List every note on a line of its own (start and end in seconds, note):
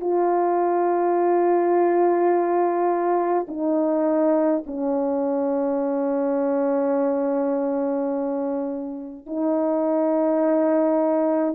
0.00 3.46 F4
3.48 4.64 D#4
4.66 9.26 C#4
9.26 11.55 D#4